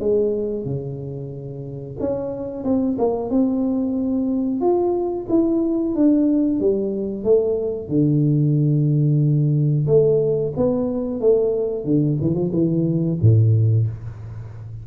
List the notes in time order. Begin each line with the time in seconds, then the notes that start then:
0.00 G#3
0.65 C#3
2.00 C#4
2.64 C4
2.99 A#3
3.30 C4
4.61 F4
5.30 E4
5.96 D4
6.60 G3
7.24 A3
7.89 D3
9.87 A3
10.56 B3
11.21 A3
11.85 D3
12.21 E3
12.35 F3
12.53 E3
13.21 A2